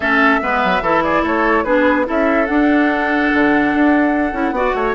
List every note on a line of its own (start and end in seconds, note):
0.00 0.39 A3
0.00 0.41 C#4
0.00 0.40 A4
0.00 1.03 E5
0.41 0.63 G#3
0.41 0.82 B3
0.41 0.83 B4
0.64 0.80 F#3
0.80 1.22 E3
0.80 1.66 E4
0.80 1.03 A4
1.03 1.22 G#4
1.03 1.24 D5
1.22 1.64 A3
1.22 1.63 A4
1.22 1.64 C#5
1.64 2.07 B3
1.64 2.05 D4
1.64 2.06 G#4
1.64 2.05 B4
2.05 2.48 C#4
2.05 2.46 E4
2.05 4.55 A4
2.05 2.46 E5
2.46 4.33 D4
2.46 3.31 D4
2.46 4.94 F#5
3.33 3.73 D3
3.73 4.32 D4
4.32 4.51 C#4
4.32 4.53 E4
4.51 4.71 B3
4.51 4.95 F#4
4.51 4.75 D5
4.74 4.95 A3
4.74 4.95 C#5